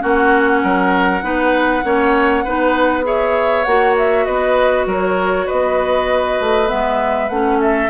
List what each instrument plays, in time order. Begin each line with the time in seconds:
0.00 bassoon A#3, clarinet C#4, oboe F#4, flute F#5
0.63 bassoon F#3, oboe A#4
1.22 bassoon B3, clarinet D#4, oboe B4
1.84 bassoon A#3, clarinet C#4, oboe C#5
2.44 bassoon B3, clarinet D#4, oboe B4
3.03 clarinet G#4, oboe C#5, flute E5
3.64 bassoon A#3, clarinet F#4, flute F#5
3.98 flute E5
4.25 bassoon B3, oboe B4, flute D#5
4.86 bassoon F#3, oboe A#4, flute C#5
5.46 bassoon B3, oboe B4, flute D#5
6.40 bassoon A3
6.67 bassoon G#3, clarinet B3, flute E5
7.29 bassoon A3, clarinet C#4, flute F#5
7.61 oboe A4, flute E5